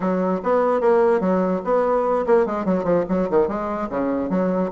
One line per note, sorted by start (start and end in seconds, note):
0.00 0.41 F#3
0.43 0.80 B3
0.80 1.20 A#3
1.20 1.61 F#3
1.64 2.25 B3
2.26 2.45 A#3
2.45 2.65 G#3
2.65 2.84 F#3
2.84 3.04 F3
3.08 3.29 F#3
3.29 3.48 D#3
3.48 3.88 G#3
3.89 4.29 C#3
4.29 4.70 F#3